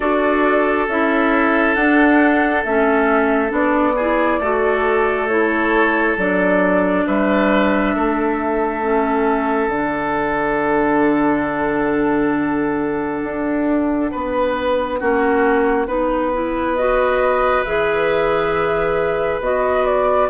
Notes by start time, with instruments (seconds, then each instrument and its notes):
0.00 bassoon D4, clarinet F#4, oboe A4, flute D5
0.87 bassoon C#4, clarinet E4, flute E5
1.74 bassoon D4, clarinet D4, flute F#5
2.63 bassoon A3, clarinet C#4, flute E5
3.48 bassoon B3, clarinet D4, flute D5
3.95 clarinet E4, oboe G#4
4.39 bassoon A3, clarinet F#4, oboe A4
5.28 clarinet E4, flute C#5
6.17 bassoon F#3, clarinet D4, flute D5
7.06 bassoon G3, oboe B4, flute E5
7.95 bassoon A3, oboe A4
8.82 clarinet C#4
9.67 bassoon D3, clarinet D4, flute F#5
13.23 bassoon D4
14.11 bassoon B3, oboe B4
14.99 bassoon A#3, clarinet C#4, oboe F#4
15.87 bassoon B3, clarinet D#4, oboe B4
16.32 clarinet E4
16.75 clarinet F#4, flute D#5
17.65 bassoon E3, clarinet G#4, flute E5
19.40 bassoon B3, clarinet F#4, flute D#5
19.85 flute D5